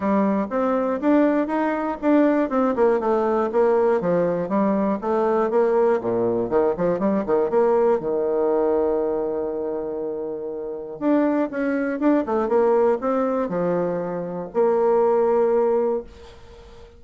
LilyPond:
\new Staff \with { instrumentName = "bassoon" } { \time 4/4 \tempo 4 = 120 g4 c'4 d'4 dis'4 | d'4 c'8 ais8 a4 ais4 | f4 g4 a4 ais4 | ais,4 dis8 f8 g8 dis8 ais4 |
dis1~ | dis2 d'4 cis'4 | d'8 a8 ais4 c'4 f4~ | f4 ais2. | }